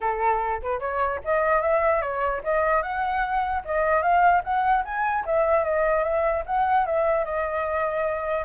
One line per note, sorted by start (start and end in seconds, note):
0.01 0.61 A4
0.62 0.79 B4
0.79 1.20 C#5
1.24 1.61 D#5
1.61 2.01 E5
2.01 2.41 C#5
2.43 2.82 D#5
2.82 3.63 F#5
3.64 4.02 D#5
4.02 4.42 F5
4.44 4.84 F#5
4.84 5.25 G#5
5.25 5.64 E5
5.64 6.03 D#5
6.03 6.43 E5
6.46 6.86 F#5
6.86 7.24 E5
7.24 8.45 D#5